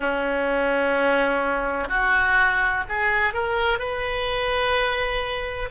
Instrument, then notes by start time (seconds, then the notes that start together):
oboe
0.00 C#4
1.88 F#4
2.88 G#4
3.33 A#4
3.78 B4